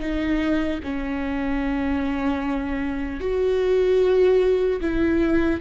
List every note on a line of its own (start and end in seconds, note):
0.00 0.80 D#4
0.84 3.20 C#4
3.20 4.80 F#4
4.81 5.61 E4